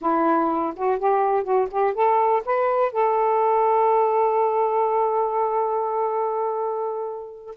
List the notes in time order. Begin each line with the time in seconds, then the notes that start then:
0.01 E4
0.76 F#4
0.98 G4
1.43 F#4
1.71 G4
1.94 A4
2.45 B4
2.92 A4